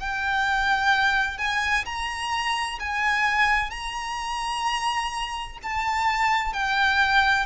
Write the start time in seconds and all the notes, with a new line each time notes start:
0.00 G5
1.38 G#5
1.85 A#5
2.80 G#5
3.71 A#5
5.63 A5
6.53 G5